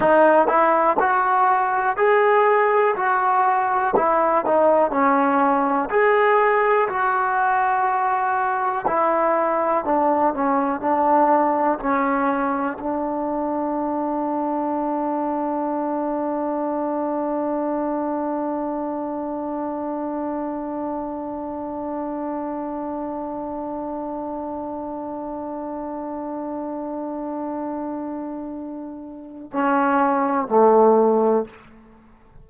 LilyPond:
\new Staff \with { instrumentName = "trombone" } { \time 4/4 \tempo 4 = 61 dis'8 e'8 fis'4 gis'4 fis'4 | e'8 dis'8 cis'4 gis'4 fis'4~ | fis'4 e'4 d'8 cis'8 d'4 | cis'4 d'2.~ |
d'1~ | d'1~ | d'1~ | d'2 cis'4 a4 | }